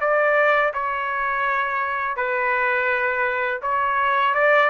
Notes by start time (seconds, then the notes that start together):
0.00 D5
0.73 C#5
2.16 B4
3.61 C#5
4.34 D5